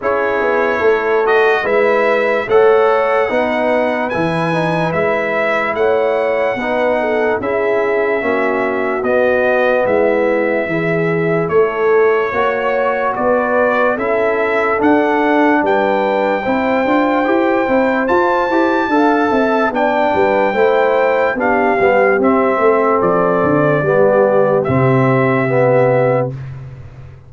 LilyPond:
<<
  \new Staff \with { instrumentName = "trumpet" } { \time 4/4 \tempo 4 = 73 cis''4. dis''8 e''4 fis''4~ | fis''4 gis''4 e''4 fis''4~ | fis''4 e''2 dis''4 | e''2 cis''2 |
d''4 e''4 fis''4 g''4~ | g''2 a''2 | g''2 f''4 e''4 | d''2 e''2 | }
  \new Staff \with { instrumentName = "horn" } { \time 4/4 gis'4 a'4 b'4 cis''4 | b'2. cis''4 | b'8 a'8 gis'4 fis'2 | e'4 gis'4 a'4 cis''4 |
b'4 a'2 b'4 | c''2. f''8 e''8 | d''8 b'8 c''4 g'4. a'8~ | a'4 g'2. | }
  \new Staff \with { instrumentName = "trombone" } { \time 4/4 e'4. fis'8 e'4 a'4 | dis'4 e'8 dis'8 e'2 | dis'4 e'4 cis'4 b4~ | b4 e'2 fis'4~ |
fis'4 e'4 d'2 | e'8 f'8 g'8 e'8 f'8 g'8 a'4 | d'4 e'4 d'8 b8 c'4~ | c'4 b4 c'4 b4 | }
  \new Staff \with { instrumentName = "tuba" } { \time 4/4 cis'8 b8 a4 gis4 a4 | b4 e4 gis4 a4 | b4 cis'4 ais4 b4 | gis4 e4 a4 ais4 |
b4 cis'4 d'4 g4 | c'8 d'8 e'8 c'8 f'8 e'8 d'8 c'8 | b8 g8 a4 b8 g8 c'8 a8 | f8 d8 g4 c2 | }
>>